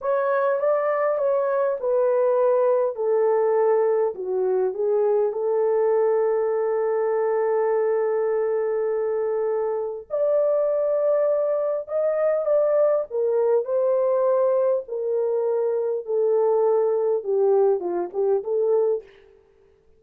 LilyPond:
\new Staff \with { instrumentName = "horn" } { \time 4/4 \tempo 4 = 101 cis''4 d''4 cis''4 b'4~ | b'4 a'2 fis'4 | gis'4 a'2.~ | a'1~ |
a'4 d''2. | dis''4 d''4 ais'4 c''4~ | c''4 ais'2 a'4~ | a'4 g'4 f'8 g'8 a'4 | }